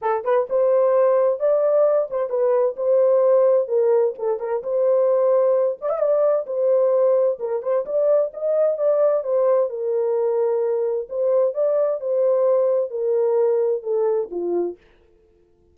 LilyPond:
\new Staff \with { instrumentName = "horn" } { \time 4/4 \tempo 4 = 130 a'8 b'8 c''2 d''4~ | d''8 c''8 b'4 c''2 | ais'4 a'8 ais'8 c''2~ | c''8 d''16 e''16 d''4 c''2 |
ais'8 c''8 d''4 dis''4 d''4 | c''4 ais'2. | c''4 d''4 c''2 | ais'2 a'4 f'4 | }